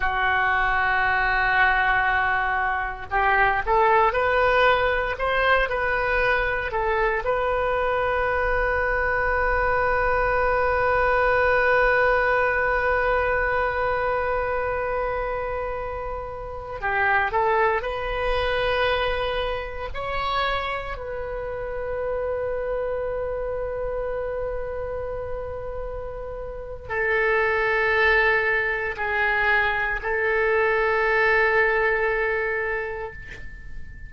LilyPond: \new Staff \with { instrumentName = "oboe" } { \time 4/4 \tempo 4 = 58 fis'2. g'8 a'8 | b'4 c''8 b'4 a'8 b'4~ | b'1~ | b'1~ |
b'16 g'8 a'8 b'2 cis''8.~ | cis''16 b'2.~ b'8.~ | b'2 a'2 | gis'4 a'2. | }